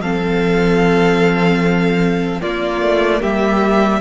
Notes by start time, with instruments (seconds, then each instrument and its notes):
0.00 cello F3, viola C4, violin A4 F5
2.41 viola A#3, cello A#3, violin F4 D5
2.82 cello A3
3.21 cello G3, violin G4 E5